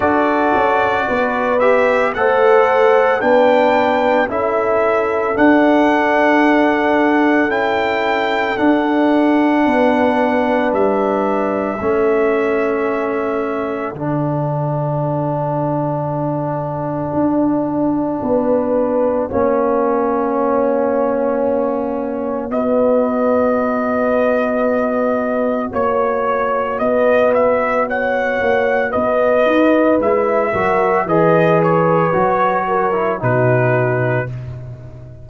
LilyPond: <<
  \new Staff \with { instrumentName = "trumpet" } { \time 4/4 \tempo 4 = 56 d''4. e''8 fis''4 g''4 | e''4 fis''2 g''4 | fis''2 e''2~ | e''4 fis''2.~ |
fis''1~ | fis''4 dis''2. | cis''4 dis''8 e''8 fis''4 dis''4 | e''4 dis''8 cis''4. b'4 | }
  \new Staff \with { instrumentName = "horn" } { \time 4/4 a'4 b'4 c''4 b'4 | a'1~ | a'4 b'2 a'4~ | a'1~ |
a'4 b'4 cis''2~ | cis''4 b'2. | cis''4 b'4 cis''4 b'4~ | b'8 ais'8 b'4. ais'8 fis'4 | }
  \new Staff \with { instrumentName = "trombone" } { \time 4/4 fis'4. g'8 a'4 d'4 | e'4 d'2 e'4 | d'2. cis'4~ | cis'4 d'2.~ |
d'2 cis'2~ | cis'4 fis'2.~ | fis'1 | e'8 fis'8 gis'4 fis'8. e'16 dis'4 | }
  \new Staff \with { instrumentName = "tuba" } { \time 4/4 d'8 cis'8 b4 a4 b4 | cis'4 d'2 cis'4 | d'4 b4 g4 a4~ | a4 d2. |
d'4 b4 ais2~ | ais4 b2. | ais4 b4. ais8 b8 dis'8 | gis8 fis8 e4 fis4 b,4 | }
>>